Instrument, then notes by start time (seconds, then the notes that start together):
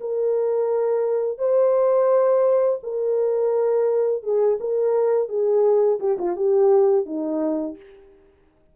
horn
0.00 A#4
1.38 C5
2.83 A#4
4.23 G#4
4.60 A#4
5.28 G#4
5.99 G4
6.18 F4
6.36 G4
7.05 D#4